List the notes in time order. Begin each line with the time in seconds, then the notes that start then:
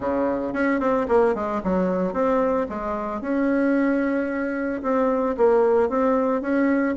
0.00 C#3
0.53 C#4
0.80 C4
1.08 A#3
1.34 G#3
1.63 F#3
2.13 C4
2.69 G#3
3.21 C#4
4.82 C4
5.37 A#3
5.89 C4
6.41 C#4